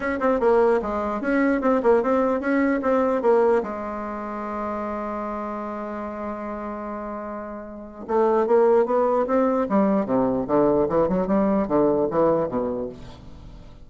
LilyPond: \new Staff \with { instrumentName = "bassoon" } { \time 4/4 \tempo 4 = 149 cis'8 c'8 ais4 gis4 cis'4 | c'8 ais8 c'4 cis'4 c'4 | ais4 gis2.~ | gis1~ |
gis1 | a4 ais4 b4 c'4 | g4 c4 d4 e8 fis8 | g4 d4 e4 b,4 | }